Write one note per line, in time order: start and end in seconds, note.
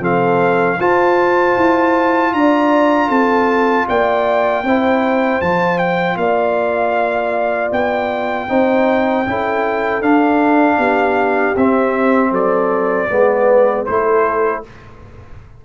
0.00 0.77 F3
0.00 0.78 C4
0.00 0.78 A4
0.00 0.81 F5
0.79 1.56 F4
0.79 4.64 F4
0.79 2.33 C5
0.79 2.33 A5
1.57 2.33 E4
2.33 3.09 D4
2.33 3.08 D5
2.33 3.09 A#5
3.08 3.86 C4
3.08 3.85 A4
3.08 3.86 A5
3.88 4.63 A#3
3.88 4.63 D5
3.88 5.41 G5
4.63 5.40 C4
4.63 5.42 E4
4.63 6.17 C5
5.41 6.16 F3
5.41 8.48 F4
5.41 5.78 A5
5.78 6.17 G5
6.16 7.70 A#3
6.16 8.50 D5
6.16 7.71 F5
7.71 8.48 B3
7.71 10.02 G5
8.48 9.26 C4
8.48 9.25 D#4
8.48 9.26 C5
9.26 10.01 C#4
9.26 10.02 E4
9.26 10.78 A4
10.01 10.78 D4
10.01 11.56 D4
10.01 11.56 F5
10.78 11.55 B3
10.78 12.30 G4
11.56 12.31 C4
11.56 13.09 C4
11.56 12.33 E5
12.30 13.08 F#3
12.30 13.07 A4
12.30 13.85 D5
13.09 13.87 G#3
13.09 13.86 B3
13.09 13.86 B4
13.85 14.65 A3
13.85 14.63 E4
13.85 14.64 A4
13.85 14.62 C5